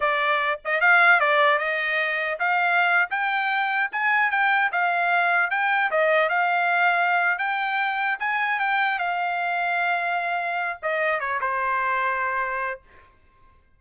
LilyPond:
\new Staff \with { instrumentName = "trumpet" } { \time 4/4 \tempo 4 = 150 d''4. dis''8 f''4 d''4 | dis''2 f''4.~ f''16 g''16~ | g''4.~ g''16 gis''4 g''4 f''16~ | f''4.~ f''16 g''4 dis''4 f''16~ |
f''2~ f''8 g''4.~ | g''8 gis''4 g''4 f''4.~ | f''2. dis''4 | cis''8 c''2.~ c''8 | }